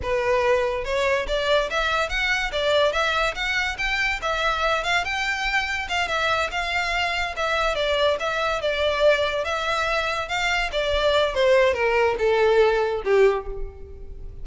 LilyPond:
\new Staff \with { instrumentName = "violin" } { \time 4/4 \tempo 4 = 143 b'2 cis''4 d''4 | e''4 fis''4 d''4 e''4 | fis''4 g''4 e''4. f''8 | g''2 f''8 e''4 f''8~ |
f''4. e''4 d''4 e''8~ | e''8 d''2 e''4.~ | e''8 f''4 d''4. c''4 | ais'4 a'2 g'4 | }